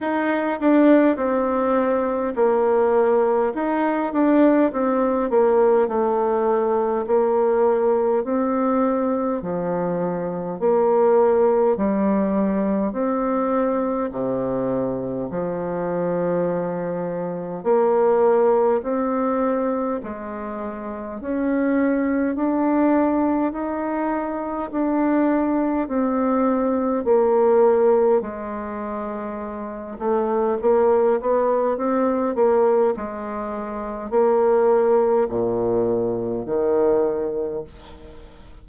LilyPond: \new Staff \with { instrumentName = "bassoon" } { \time 4/4 \tempo 4 = 51 dis'8 d'8 c'4 ais4 dis'8 d'8 | c'8 ais8 a4 ais4 c'4 | f4 ais4 g4 c'4 | c4 f2 ais4 |
c'4 gis4 cis'4 d'4 | dis'4 d'4 c'4 ais4 | gis4. a8 ais8 b8 c'8 ais8 | gis4 ais4 ais,4 dis4 | }